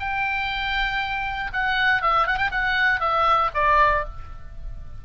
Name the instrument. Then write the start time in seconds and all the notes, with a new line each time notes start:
oboe
0.00 G5
1.53 F#5
2.02 E5
2.27 F#5
2.38 G5
2.52 F#5
3.01 E5
3.55 D5